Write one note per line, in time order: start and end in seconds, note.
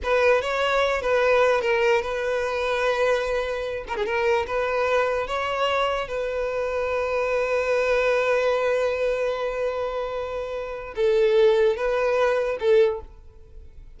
0.03 0.41 B4
0.41 1.01 C#5
1.01 1.61 B4
1.61 2.01 A#4
2.02 3.84 B4
3.87 3.96 A#4
3.96 4.05 G#4
4.05 4.46 A#4
4.46 5.27 B4
5.27 6.08 C#5
6.08 10.94 B4
10.95 11.76 A4
11.76 12.57 B4
12.59 13.00 A4